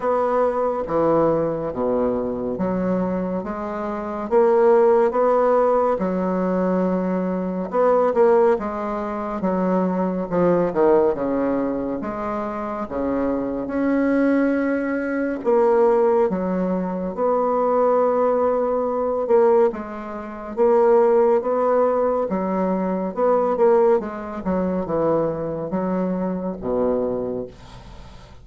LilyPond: \new Staff \with { instrumentName = "bassoon" } { \time 4/4 \tempo 4 = 70 b4 e4 b,4 fis4 | gis4 ais4 b4 fis4~ | fis4 b8 ais8 gis4 fis4 | f8 dis8 cis4 gis4 cis4 |
cis'2 ais4 fis4 | b2~ b8 ais8 gis4 | ais4 b4 fis4 b8 ais8 | gis8 fis8 e4 fis4 b,4 | }